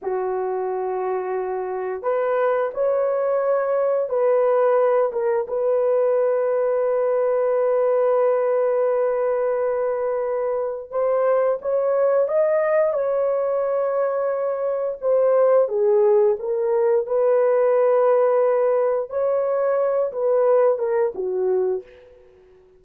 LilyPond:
\new Staff \with { instrumentName = "horn" } { \time 4/4 \tempo 4 = 88 fis'2. b'4 | cis''2 b'4. ais'8 | b'1~ | b'1 |
c''4 cis''4 dis''4 cis''4~ | cis''2 c''4 gis'4 | ais'4 b'2. | cis''4. b'4 ais'8 fis'4 | }